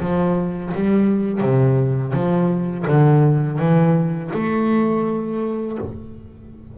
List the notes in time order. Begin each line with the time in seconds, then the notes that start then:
0.00 F3
0.74 G3
1.41 C3
2.13 F3
2.88 D3
3.58 E3
4.33 A3